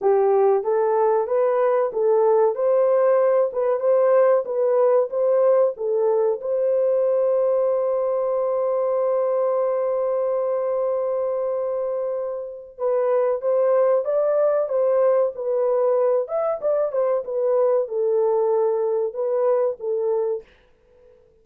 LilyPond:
\new Staff \with { instrumentName = "horn" } { \time 4/4 \tempo 4 = 94 g'4 a'4 b'4 a'4 | c''4. b'8 c''4 b'4 | c''4 a'4 c''2~ | c''1~ |
c''1 | b'4 c''4 d''4 c''4 | b'4. e''8 d''8 c''8 b'4 | a'2 b'4 a'4 | }